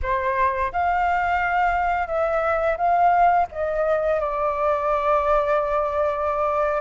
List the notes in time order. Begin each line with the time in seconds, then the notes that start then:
0.02 C5
0.72 F5
2.07 E5
2.77 F5
3.51 D#5
4.20 D5